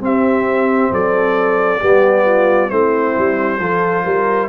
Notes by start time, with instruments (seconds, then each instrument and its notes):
0.00 trombone C4, tuba C4, horn G4, trumpet E5
0.91 tuba F#3, horn A4, trumpet D5
1.80 tuba G3, trombone B3, horn G4
2.24 horn F4
2.69 tuba A3, trombone C4, horn E4, trumpet C5
3.17 tuba G3
3.59 tuba F3, trombone F4, horn A4
4.04 tuba G3, horn A#4